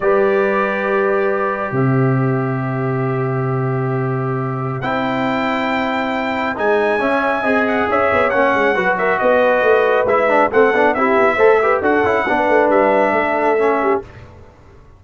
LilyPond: <<
  \new Staff \with { instrumentName = "trumpet" } { \time 4/4 \tempo 4 = 137 d''1 | e''1~ | e''2. g''4~ | g''2. gis''4~ |
gis''4. fis''8 e''4 fis''4~ | fis''8 e''8 dis''2 e''4 | fis''4 e''2 fis''4~ | fis''4 e''2. | }
  \new Staff \with { instrumentName = "horn" } { \time 4/4 b'1 | c''1~ | c''1~ | c''1 |
e''4 dis''4 cis''2 | b'8 ais'8 b'2. | a'4 g'4 c''8 b'8 a'4 | b'2 a'4. g'8 | }
  \new Staff \with { instrumentName = "trombone" } { \time 4/4 g'1~ | g'1~ | g'2. e'4~ | e'2. dis'4 |
cis'4 gis'2 cis'4 | fis'2. e'8 d'8 | c'8 d'8 e'4 a'8 g'8 fis'8 e'8 | d'2. cis'4 | }
  \new Staff \with { instrumentName = "tuba" } { \time 4/4 g1 | c1~ | c2. c'4~ | c'2. gis4 |
cis'4 c'4 cis'8 b8 ais8 gis8 | fis4 b4 a4 gis4 | a8 b8 c'8 b8 a4 d'8 cis'8 | b8 a8 g4 a2 | }
>>